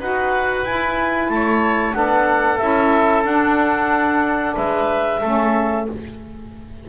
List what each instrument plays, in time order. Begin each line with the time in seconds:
0.00 double bass D#4, saxophone F#4, oboe B4, clarinet F#5
0.63 double bass E4, saxophone E4, clarinet G#5
1.29 double bass A3, oboe C#5, clarinet A5
1.93 double bass B3, saxophone D4, oboe A4, clarinet F#5
2.58 double bass C#4, saxophone E4, clarinet E5
3.24 saxophone D4, double bass D4, clarinet F#5
4.56 double bass G#3, oboe B4, clarinet E5
5.21 double bass A3, saxophone C#4, oboe A4